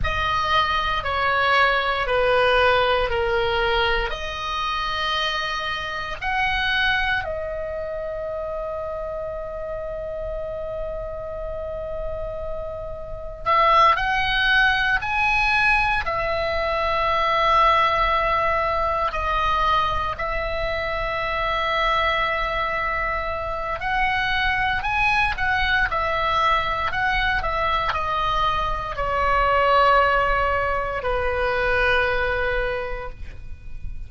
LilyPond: \new Staff \with { instrumentName = "oboe" } { \time 4/4 \tempo 4 = 58 dis''4 cis''4 b'4 ais'4 | dis''2 fis''4 dis''4~ | dis''1~ | dis''4 e''8 fis''4 gis''4 e''8~ |
e''2~ e''8 dis''4 e''8~ | e''2. fis''4 | gis''8 fis''8 e''4 fis''8 e''8 dis''4 | cis''2 b'2 | }